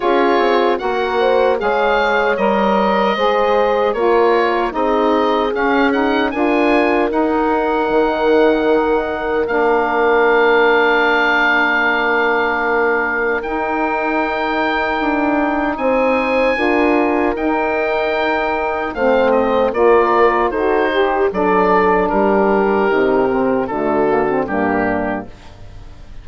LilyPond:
<<
  \new Staff \with { instrumentName = "oboe" } { \time 4/4 \tempo 4 = 76 cis''4 fis''4 f''4 dis''4~ | dis''4 cis''4 dis''4 f''8 fis''8 | gis''4 fis''2. | f''1~ |
f''4 g''2. | gis''2 g''2 | f''8 dis''8 d''4 c''4 d''4 | ais'2 a'4 g'4 | }
  \new Staff \with { instrumentName = "horn" } { \time 4/4 gis'4 ais'8 c''8 cis''2 | c''4 ais'4 gis'2 | ais'1~ | ais'1~ |
ais'1 | c''4 ais'2. | c''4 ais'4 a'8 g'8 a'4 | g'2 fis'4 d'4 | }
  \new Staff \with { instrumentName = "saxophone" } { \time 4/4 f'4 fis'4 gis'4 ais'4 | gis'4 f'4 dis'4 cis'8 dis'8 | f'4 dis'2. | d'1~ |
d'4 dis'2.~ | dis'4 f'4 dis'2 | c'4 f'4 fis'8 g'8 d'4~ | d'4 dis'8 c'8 a8 ais16 c'16 ais4 | }
  \new Staff \with { instrumentName = "bassoon" } { \time 4/4 cis'8 c'8 ais4 gis4 g4 | gis4 ais4 c'4 cis'4 | d'4 dis'4 dis2 | ais1~ |
ais4 dis'2 d'4 | c'4 d'4 dis'2 | a4 ais4 dis'4 fis4 | g4 c4 d4 g,4 | }
>>